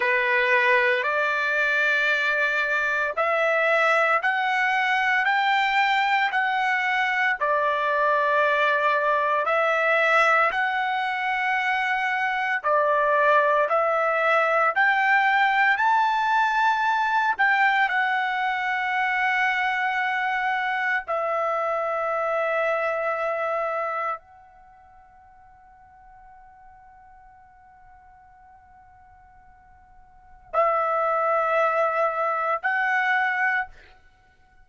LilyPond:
\new Staff \with { instrumentName = "trumpet" } { \time 4/4 \tempo 4 = 57 b'4 d''2 e''4 | fis''4 g''4 fis''4 d''4~ | d''4 e''4 fis''2 | d''4 e''4 g''4 a''4~ |
a''8 g''8 fis''2. | e''2. fis''4~ | fis''1~ | fis''4 e''2 fis''4 | }